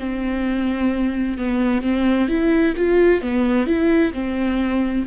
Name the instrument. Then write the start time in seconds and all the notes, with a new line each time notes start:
viola
0.00 C4
1.38 B3
1.83 C4
2.29 E4
2.77 F4
3.22 B3
3.67 E4
4.13 C4